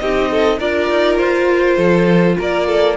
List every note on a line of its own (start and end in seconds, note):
0.00 0.60 C4
0.00 0.60 D#4
0.00 0.31 G4
0.00 0.59 D#5
0.32 0.59 A4
0.59 0.90 D4
0.59 2.97 F4
0.59 1.77 A#4
0.59 1.18 D5
0.90 1.19 D#4
1.18 1.78 F4
1.18 2.37 C5
1.77 2.37 F3
1.77 2.36 A4
2.39 2.97 A#3
2.39 2.67 A#4
2.39 2.97 D5
2.67 2.97 A4